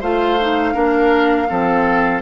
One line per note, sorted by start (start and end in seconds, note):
0.00 0.75 A3
0.00 0.39 F4
0.00 0.73 C5
0.00 2.22 F5
0.41 0.74 D#4
0.73 1.48 A#3
0.73 1.47 D4
0.73 1.47 A#4
1.49 2.22 F3
1.49 2.22 C4
1.49 2.22 A4